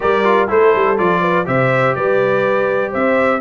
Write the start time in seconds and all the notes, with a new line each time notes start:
0.00 G3 G4 A#4 D5
0.24 F4
0.48 A3 E4 A4 C5
0.75 G3
0.97 F3 F4 D5
1.21 B4
1.45 C3 G4 C5 E5
1.95 G3 B4 D5
2.90 C4 C5 E5